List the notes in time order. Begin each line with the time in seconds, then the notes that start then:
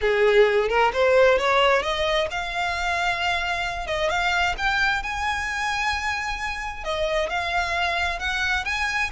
0.01 G#4
0.69 A#4
0.93 C5
1.38 C#5
1.82 D#5
2.31 F5
3.86 D#5
4.09 F5
4.57 G5
5.02 G#5
6.84 D#5
7.29 F5
8.19 F#5
8.65 G#5